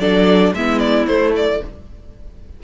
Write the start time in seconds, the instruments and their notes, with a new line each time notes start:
0.00 cello F#3, viola D4, violin A4 D5
0.54 cello G#3, viola B3, violin E4 E5
0.79 violin D5
1.07 cello A3, viola A3, violin C5
1.36 violin D5